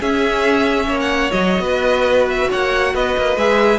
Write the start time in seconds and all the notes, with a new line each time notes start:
0.00 C#4 G#4 E5
0.88 A#3 C#5
1.00 F#5
1.31 F#3 F#4 D#5
1.59 B3 B4
2.29 E5
2.50 A#3 C#5 F#5
2.94 B3 B4 D#5
3.17 A#3
3.36 G#3 G#4 E5